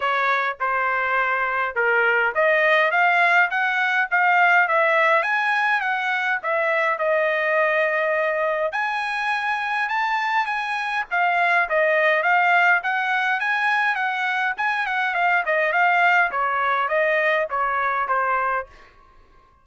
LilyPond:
\new Staff \with { instrumentName = "trumpet" } { \time 4/4 \tempo 4 = 103 cis''4 c''2 ais'4 | dis''4 f''4 fis''4 f''4 | e''4 gis''4 fis''4 e''4 | dis''2. gis''4~ |
gis''4 a''4 gis''4 f''4 | dis''4 f''4 fis''4 gis''4 | fis''4 gis''8 fis''8 f''8 dis''8 f''4 | cis''4 dis''4 cis''4 c''4 | }